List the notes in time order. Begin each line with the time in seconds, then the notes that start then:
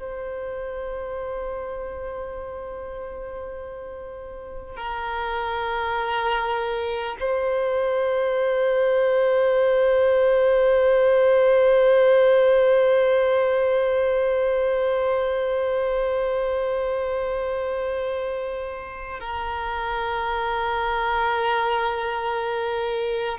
0.00 C5
4.77 A#4
7.21 C5
19.21 A#4